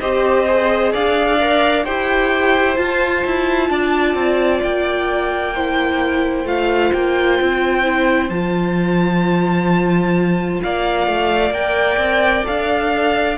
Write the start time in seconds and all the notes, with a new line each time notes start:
0.00 C4 G4 C5 D#5
0.47 G#4
0.92 D4 D5 F5
1.40 A#4
1.84 E4 G4 C5 G5
2.75 F4 A5
3.25 E4
3.70 D4 D5
4.15 C4
4.63 A#3 G5
5.55 E4 C5
6.45 A3 F4 F5
6.93 A#3 G5
7.41 C4
7.83 E4
8.29 F3 F4 A5
10.63 A#3 D5 F5
11.07 A3
11.51 A#3 A#4 G5
11.97 C4
12.45 D4 A4 F5